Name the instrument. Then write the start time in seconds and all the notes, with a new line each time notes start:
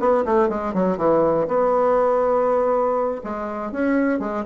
bassoon
0.00 B3
0.25 A3
0.49 G#3
0.74 F#3
0.98 E3
1.48 B3
3.24 G#3
3.72 C#4
4.19 G#3